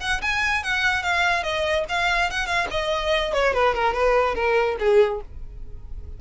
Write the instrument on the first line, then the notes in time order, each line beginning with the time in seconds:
violin
0.00 F#5
0.21 G#5
0.63 F#5
1.02 F5
1.43 D#5
1.88 F5
2.30 F#5
2.46 F5
2.70 D#5
3.33 C#5
3.53 B4
3.74 A#4
3.93 B4
4.34 A#4
4.79 G#4